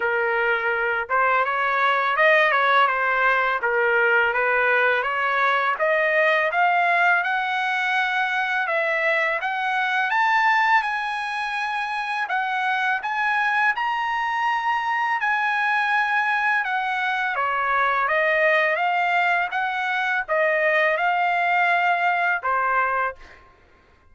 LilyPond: \new Staff \with { instrumentName = "trumpet" } { \time 4/4 \tempo 4 = 83 ais'4. c''8 cis''4 dis''8 cis''8 | c''4 ais'4 b'4 cis''4 | dis''4 f''4 fis''2 | e''4 fis''4 a''4 gis''4~ |
gis''4 fis''4 gis''4 ais''4~ | ais''4 gis''2 fis''4 | cis''4 dis''4 f''4 fis''4 | dis''4 f''2 c''4 | }